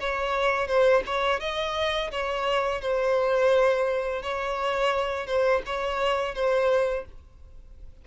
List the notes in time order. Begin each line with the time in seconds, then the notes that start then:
0.00 C#5
0.67 C5
1.06 C#5
1.40 D#5
2.11 C#5
2.81 C5
4.22 C#5
5.27 C5
5.66 C#5
6.35 C5